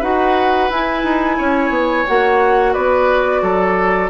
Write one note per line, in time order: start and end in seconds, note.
0.00 0.70 D#4
0.00 0.70 F#4
0.00 1.36 B4
0.00 0.71 F#5
0.70 1.04 E4
0.70 2.07 E4
0.70 2.08 G#5
1.04 1.38 D#4
1.38 1.70 C#4
1.38 2.73 C#5
1.70 2.04 B3
2.07 2.76 A#3
2.07 4.11 F#4
2.07 2.74 F#5
2.73 3.42 B3
2.73 3.41 B4
2.73 4.10 D5
3.42 4.11 F#3
3.42 4.11 A4